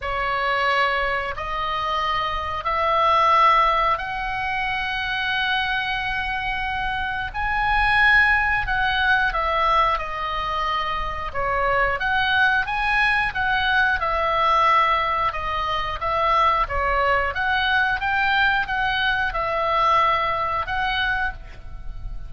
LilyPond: \new Staff \with { instrumentName = "oboe" } { \time 4/4 \tempo 4 = 90 cis''2 dis''2 | e''2 fis''2~ | fis''2. gis''4~ | gis''4 fis''4 e''4 dis''4~ |
dis''4 cis''4 fis''4 gis''4 | fis''4 e''2 dis''4 | e''4 cis''4 fis''4 g''4 | fis''4 e''2 fis''4 | }